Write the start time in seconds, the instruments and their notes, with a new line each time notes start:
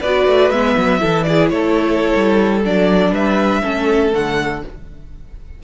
0.00 cello B3, viola F#4, violin B4 D5
0.27 cello A3
0.50 cello G#3, viola B3, violin E5
0.77 cello F#3
0.99 cello E3, viola E4, violin A4
1.23 violin G#4 D5
1.49 cello A3, violin A4 C#5
2.15 cello G3
2.64 cello F#3, viola D4, violin D5
3.11 cello G3, violin B4 E5
3.62 cello A3, viola C#4, violin A4
4.12 cello D3, viola A3, violin F#5